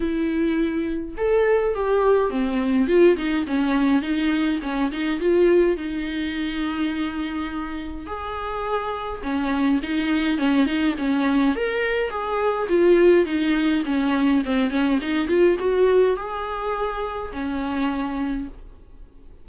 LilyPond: \new Staff \with { instrumentName = "viola" } { \time 4/4 \tempo 4 = 104 e'2 a'4 g'4 | c'4 f'8 dis'8 cis'4 dis'4 | cis'8 dis'8 f'4 dis'2~ | dis'2 gis'2 |
cis'4 dis'4 cis'8 dis'8 cis'4 | ais'4 gis'4 f'4 dis'4 | cis'4 c'8 cis'8 dis'8 f'8 fis'4 | gis'2 cis'2 | }